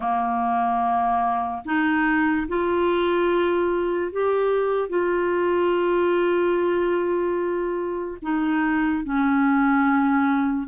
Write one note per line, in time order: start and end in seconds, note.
0.00 1.63 A#3
1.65 2.47 D#4
2.48 4.12 F4
4.12 4.89 G4
4.89 8.18 F4
8.22 9.04 D#4
9.04 10.67 C#4